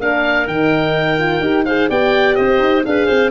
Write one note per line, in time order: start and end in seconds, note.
0.00 0.47 A#3
0.00 0.48 D4
0.00 1.66 A#4
0.00 0.48 F5
0.47 1.41 D#3
0.47 1.19 D#4
0.47 1.66 G5
1.19 1.42 F4
1.41 1.88 D#4
1.41 1.66 G4
1.66 1.90 G#4
1.66 1.90 C5
1.66 1.89 F5
1.90 2.38 B3
1.90 2.85 G4
1.90 2.37 D5
1.90 2.36 G5
2.36 2.60 C4
2.36 2.85 C5
2.36 2.83 D#5
2.60 2.83 D#4
2.86 3.10 D4
2.86 3.32 G#4
2.86 3.07 B4
2.86 3.32 F5
3.07 3.32 C4
3.07 3.31 C5